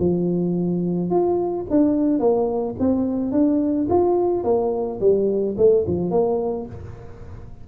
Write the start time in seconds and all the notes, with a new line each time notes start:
0.00 F3
1.11 F4
1.71 D4
2.20 A#3
2.80 C4
3.33 D4
3.90 F4
4.44 A#3
5.01 G3
5.58 A3
5.88 F3
6.11 A#3